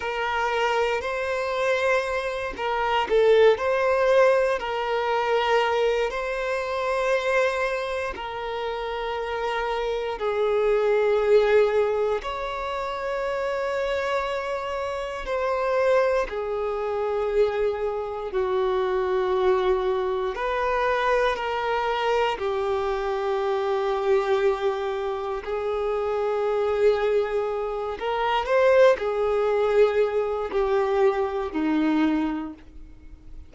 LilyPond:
\new Staff \with { instrumentName = "violin" } { \time 4/4 \tempo 4 = 59 ais'4 c''4. ais'8 a'8 c''8~ | c''8 ais'4. c''2 | ais'2 gis'2 | cis''2. c''4 |
gis'2 fis'2 | b'4 ais'4 g'2~ | g'4 gis'2~ gis'8 ais'8 | c''8 gis'4. g'4 dis'4 | }